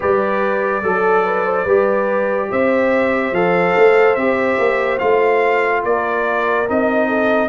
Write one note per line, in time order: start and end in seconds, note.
0.00 0.82 G3
0.00 0.82 G4
0.00 0.82 B4
0.00 2.51 D5
0.82 1.64 F#3
0.82 1.24 A4
0.82 1.66 A4
1.25 1.44 B4
1.44 1.64 C5
1.64 2.48 G3
1.64 3.34 G4
1.64 2.48 B4
2.51 3.32 C4
2.51 5.85 C5
2.51 3.34 E5
3.32 3.73 F3
3.32 4.17 A4
3.32 4.14 F5
3.76 4.16 A3
4.14 4.58 C4
4.14 4.99 G4
4.14 4.98 E5
4.59 5.00 A#3
4.98 5.84 A3
4.98 6.65 F4
4.98 5.82 F5
5.84 6.67 A#3
5.84 7.08 A#4
5.84 6.68 D5
6.67 7.48 C4
6.67 7.48 D#4
6.67 7.48 D#5
7.08 7.48 A4